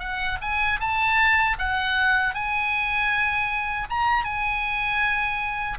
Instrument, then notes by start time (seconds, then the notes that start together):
oboe
0.00 F#5
0.42 G#5
0.80 A5
1.59 F#5
2.35 G#5
3.90 A#5
4.25 G#5